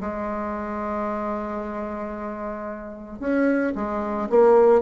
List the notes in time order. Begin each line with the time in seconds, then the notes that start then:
0.00 G#3
3.19 C#4
3.75 G#3
4.29 A#3